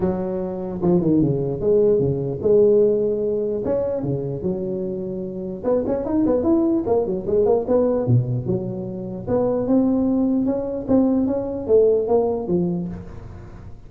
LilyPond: \new Staff \with { instrumentName = "tuba" } { \time 4/4 \tempo 4 = 149 fis2 f8 dis8 cis4 | gis4 cis4 gis2~ | gis4 cis'4 cis4 fis4~ | fis2 b8 cis'8 dis'8 b8 |
e'4 ais8 fis8 gis8 ais8 b4 | b,4 fis2 b4 | c'2 cis'4 c'4 | cis'4 a4 ais4 f4 | }